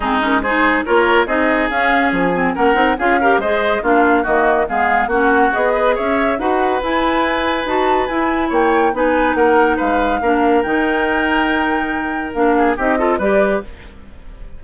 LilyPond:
<<
  \new Staff \with { instrumentName = "flute" } { \time 4/4 \tempo 4 = 141 gis'8 ais'8 c''4 cis''4 dis''4 | f''4 gis''4 fis''4 f''4 | dis''4 f''4 dis''4 f''4 | fis''4 dis''4 e''4 fis''4 |
gis''2 a''4 gis''4 | g''4 gis''4 fis''4 f''4~ | f''4 g''2.~ | g''4 f''4 dis''4 d''4 | }
  \new Staff \with { instrumentName = "oboe" } { \time 4/4 dis'4 gis'4 ais'4 gis'4~ | gis'2 ais'4 gis'8 ais'8 | c''4 f'4 fis'4 gis'4 | fis'4. b'8 cis''4 b'4~ |
b'1 | cis''4 b'4 ais'4 b'4 | ais'1~ | ais'4. gis'8 g'8 a'8 b'4 | }
  \new Staff \with { instrumentName = "clarinet" } { \time 4/4 c'8 cis'8 dis'4 f'4 dis'4 | cis'4. c'8 cis'8 dis'8 f'8 g'8 | gis'4 d'4 ais4 b4 | cis'4 gis'2 fis'4 |
e'2 fis'4 e'4~ | e'4 dis'2. | d'4 dis'2.~ | dis'4 d'4 dis'8 f'8 g'4 | }
  \new Staff \with { instrumentName = "bassoon" } { \time 4/4 gis2 ais4 c'4 | cis'4 f4 ais8 c'8 cis'4 | gis4 ais4 dis4 gis4 | ais4 b4 cis'4 dis'4 |
e'2 dis'4 e'4 | ais4 b4 ais4 gis4 | ais4 dis2.~ | dis4 ais4 c'4 g4 | }
>>